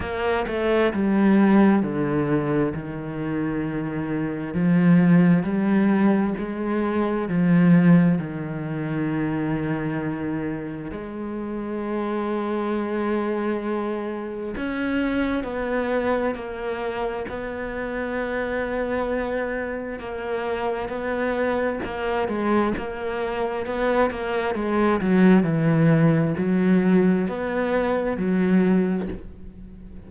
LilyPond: \new Staff \with { instrumentName = "cello" } { \time 4/4 \tempo 4 = 66 ais8 a8 g4 d4 dis4~ | dis4 f4 g4 gis4 | f4 dis2. | gis1 |
cis'4 b4 ais4 b4~ | b2 ais4 b4 | ais8 gis8 ais4 b8 ais8 gis8 fis8 | e4 fis4 b4 fis4 | }